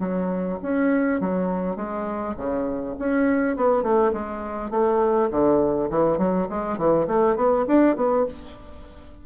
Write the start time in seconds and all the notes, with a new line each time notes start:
0.00 F#3
0.63 C#4
1.21 F#3
1.76 G#3
2.37 C#3
2.99 C#4
3.57 B3
3.83 A3
4.13 G#3
4.71 A3
5.31 D3
5.91 E3
6.18 F#3
6.49 G#3
6.78 E3
7.08 A3
7.36 B3
7.68 D4
7.97 B3